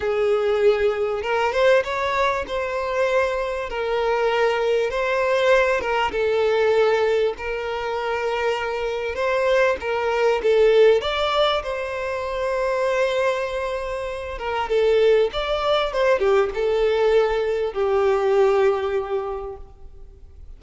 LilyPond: \new Staff \with { instrumentName = "violin" } { \time 4/4 \tempo 4 = 98 gis'2 ais'8 c''8 cis''4 | c''2 ais'2 | c''4. ais'8 a'2 | ais'2. c''4 |
ais'4 a'4 d''4 c''4~ | c''2.~ c''8 ais'8 | a'4 d''4 c''8 g'8 a'4~ | a'4 g'2. | }